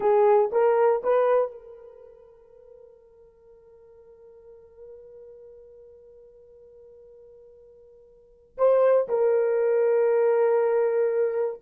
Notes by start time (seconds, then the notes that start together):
0.00 G#4
0.52 A#4
1.03 B4
1.51 A#4
8.57 C5
9.08 A#4